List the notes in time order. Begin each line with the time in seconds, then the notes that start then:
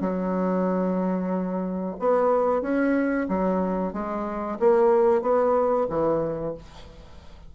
0.00 F#3
1.99 B3
2.61 C#4
3.28 F#3
3.93 G#3
4.59 A#3
5.21 B3
5.89 E3